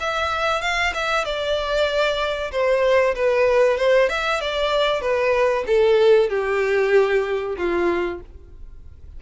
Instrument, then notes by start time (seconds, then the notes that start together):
violin
0.00 E5
0.61 F5
0.94 E5
1.25 D5
2.51 C5
3.15 B4
3.78 C5
4.09 E5
4.41 D5
5.01 B4
5.67 A4
6.30 G4
7.57 F4